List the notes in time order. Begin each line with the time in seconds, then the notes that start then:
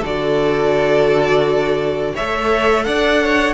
0.00 D3 F#4 A4 D5
2.14 A3 A4 C#5 E5
2.84 D4 D5 F#5
3.22 C#5